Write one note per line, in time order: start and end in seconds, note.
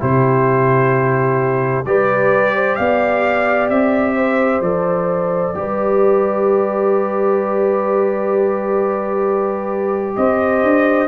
0.00 1.85 C3
0.00 1.85 E4
0.00 1.86 G4
0.00 1.86 C5
1.85 2.77 G3
1.85 4.63 G4
1.85 2.55 B4
1.85 2.76 D5
2.55 2.78 C5
2.76 3.70 B3
2.76 4.16 D5
2.76 3.68 F5
3.70 4.61 C4
3.70 4.62 E5
4.16 5.54 C5
4.61 5.53 F3
4.61 5.55 A4
4.61 10.16 D5
5.55 10.17 G3
5.55 11.08 G4
5.55 10.18 B4
10.16 10.63 C4
10.16 11.08 C5
10.16 11.08 D#5
10.63 11.08 D4